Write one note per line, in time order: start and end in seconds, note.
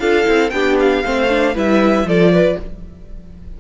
0.00 0.26 D4
0.00 0.24 F4
0.00 0.53 A4
0.00 0.50 F5
0.24 0.52 C4
0.24 0.50 E4
0.50 1.04 B3
0.50 1.05 D4
0.50 1.05 G4
0.50 0.76 G5
0.80 1.57 F5
1.05 1.55 A3
1.05 1.29 C4
1.05 1.55 C5
1.29 1.55 D4
1.55 2.04 G3
1.55 2.07 E4
1.55 2.07 B4
1.55 2.09 E5
2.04 2.56 F3
2.04 2.60 F4
2.04 2.33 A4
2.04 2.60 D5
2.33 2.59 B4